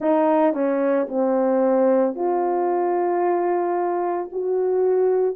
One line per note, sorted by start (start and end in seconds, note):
0.00 0.53 D#4
0.53 1.07 C#4
1.08 2.15 C4
2.15 4.29 F4
4.31 5.35 F#4